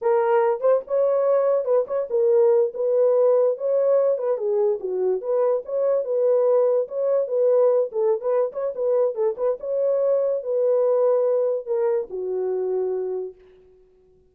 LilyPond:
\new Staff \with { instrumentName = "horn" } { \time 4/4 \tempo 4 = 144 ais'4. c''8 cis''2 | b'8 cis''8 ais'4. b'4.~ | b'8 cis''4. b'8 gis'4 fis'8~ | fis'8 b'4 cis''4 b'4.~ |
b'8 cis''4 b'4. a'8. b'16~ | b'8 cis''8 b'4 a'8 b'8 cis''4~ | cis''4 b'2. | ais'4 fis'2. | }